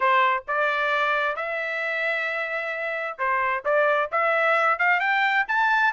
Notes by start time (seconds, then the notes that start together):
0.00 C5
0.47 D5
1.36 E5
3.18 C5
3.64 D5
4.11 E5
4.78 F5
5.00 G5
5.48 A5